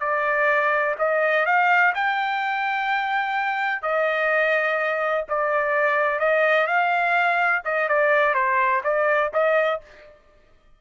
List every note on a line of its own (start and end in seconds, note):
0.00 0.95 D5
0.98 1.46 D#5
1.46 1.94 F5
1.95 3.82 G5
3.82 5.25 D#5
5.29 6.20 D5
6.20 6.67 D#5
6.67 7.62 F5
7.65 7.89 D#5
7.89 8.34 D5
8.34 8.82 C5
8.84 9.32 D5
9.33 9.81 D#5